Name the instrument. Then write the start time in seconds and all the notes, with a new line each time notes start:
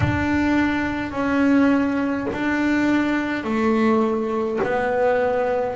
double bass
0.00 D4
1.11 C#4
2.32 D4
3.44 A3
4.63 B3